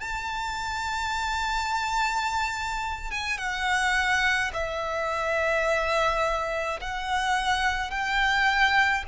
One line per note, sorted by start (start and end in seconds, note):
0.00 3.11 A5
3.11 3.38 G#5
3.38 4.51 F#5
4.53 6.80 E5
6.81 7.90 F#5
7.90 9.04 G5